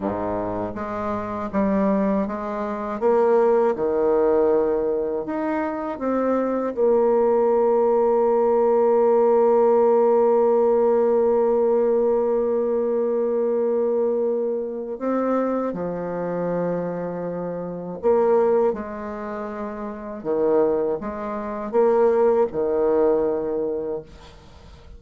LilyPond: \new Staff \with { instrumentName = "bassoon" } { \time 4/4 \tempo 4 = 80 gis,4 gis4 g4 gis4 | ais4 dis2 dis'4 | c'4 ais2.~ | ais1~ |
ais1 | c'4 f2. | ais4 gis2 dis4 | gis4 ais4 dis2 | }